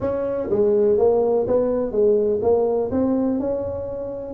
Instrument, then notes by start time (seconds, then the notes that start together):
tuba
0.00 C#4
0.49 G#3
0.98 A#3
1.47 B3
1.91 G#3
2.42 A#3
2.91 C4
3.39 C#4